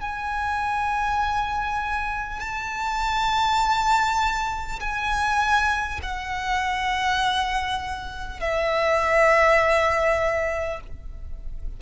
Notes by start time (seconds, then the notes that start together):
0.00 G#5
2.39 A5
4.79 G#5
6.02 F#5
8.40 E5